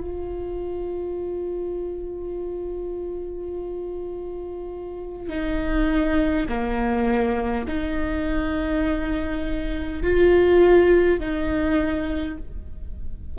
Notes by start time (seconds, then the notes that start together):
0.00 F4
5.29 D#4
6.48 A#3
7.67 D#4
10.03 F4
11.19 D#4